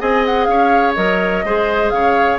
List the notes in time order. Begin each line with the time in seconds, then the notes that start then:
0.00 C4 G#4 D#5 G#5
0.26 F#5
0.45 C#4 C#5 F5
0.96 F#3 A#4 D#5
1.45 G#3 G#4 C5
1.90 C#3 C#5 F5